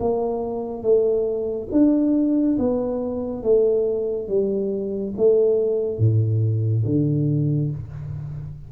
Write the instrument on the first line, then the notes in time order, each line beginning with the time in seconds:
tuba
0.00 A#3
0.82 A3
1.71 D4
2.58 B3
3.42 A3
4.28 G3
5.17 A3
5.98 A2
6.85 D3